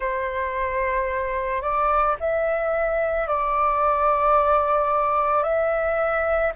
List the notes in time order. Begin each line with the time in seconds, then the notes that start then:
0.00 C5
1.61 D5
2.20 E5
3.27 D5
5.43 E5